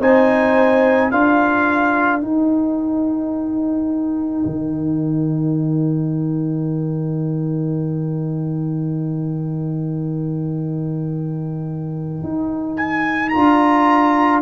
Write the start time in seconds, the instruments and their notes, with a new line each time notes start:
0.00 tuba C4, trombone D#4, horn C5, trumpet G#5
1.10 tuba D4, trombone F4, horn A#4, trumpet F5
2.21 trombone D#4, tuba D#4, trumpet G5
4.46 tuba D#3
12.23 tuba D#4
12.77 trumpet G#5
13.30 tuba D4, trombone F4, trumpet A#5